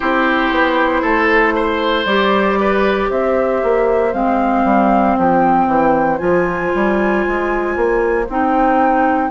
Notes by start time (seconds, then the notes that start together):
0.00 C4 E4 G4 C5
0.50 B3
1.01 A3 A4
1.55 C5
2.05 G3 G4 D5
2.60 B4
3.09 C4 C5 E5
3.63 A#3
4.12 G#3 C4 F5
4.64 G3
5.18 F3 G5
5.67 E3
6.18 F3 F4 G#5
6.74 G3
7.27 G#3
7.76 A#3
8.28 C4 D#4 G5